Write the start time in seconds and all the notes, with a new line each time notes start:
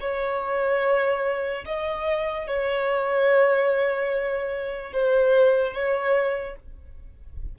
0.00 C#5
1.65 D#5
2.47 C#5
4.93 C5
5.73 C#5